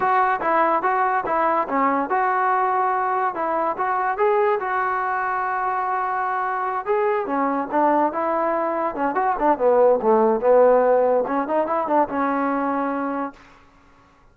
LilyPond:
\new Staff \with { instrumentName = "trombone" } { \time 4/4 \tempo 4 = 144 fis'4 e'4 fis'4 e'4 | cis'4 fis'2. | e'4 fis'4 gis'4 fis'4~ | fis'1~ |
fis'8 gis'4 cis'4 d'4 e'8~ | e'4. cis'8 fis'8 d'8 b4 | a4 b2 cis'8 dis'8 | e'8 d'8 cis'2. | }